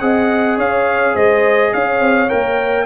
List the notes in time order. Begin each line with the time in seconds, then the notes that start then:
0.00 C4 G#4 D#5 F#5
0.58 C#4 C#5 F5
1.15 G#3 C5 D#5
1.74 C#4 C#5 F5
2.01 C4
2.29 A#3 A#4 G5